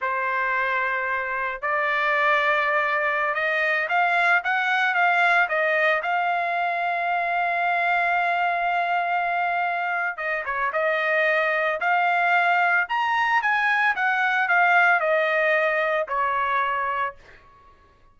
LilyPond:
\new Staff \with { instrumentName = "trumpet" } { \time 4/4 \tempo 4 = 112 c''2. d''4~ | d''2~ d''16 dis''4 f''8.~ | f''16 fis''4 f''4 dis''4 f''8.~ | f''1~ |
f''2. dis''8 cis''8 | dis''2 f''2 | ais''4 gis''4 fis''4 f''4 | dis''2 cis''2 | }